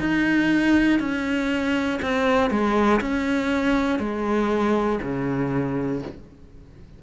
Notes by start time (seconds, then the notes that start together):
0.00 D#4
1.00 C#4
2.02 C4
2.51 G#3
3.01 C#4
4.00 G#3
5.03 C#3